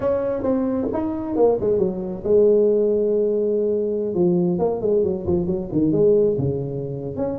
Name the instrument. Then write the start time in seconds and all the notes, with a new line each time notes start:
tuba
0.00 C#4
0.43 C4
0.92 D#4
1.36 A#3
1.60 G#3
1.78 F#3
2.23 G#3
4.14 F3
4.58 A#3
4.81 G#3
5.03 F#3
5.26 F3
5.46 F#3
5.72 D#3
5.92 G#3
6.38 C#3
7.16 C#4